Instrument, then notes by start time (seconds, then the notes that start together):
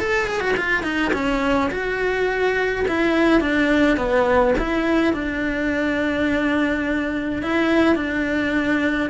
cello
0.00 A4
0.28 G#4
0.41 F#4
0.57 F4
0.84 D#4
1.13 C#4
1.71 F#4
2.88 E4
3.41 D4
3.98 B3
4.59 E4
5.14 D4
7.43 E4
7.96 D4